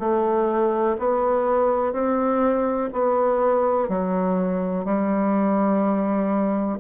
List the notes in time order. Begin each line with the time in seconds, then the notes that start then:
0.00 A3
0.99 B3
1.93 C4
2.93 B3
3.89 F#3
4.85 G3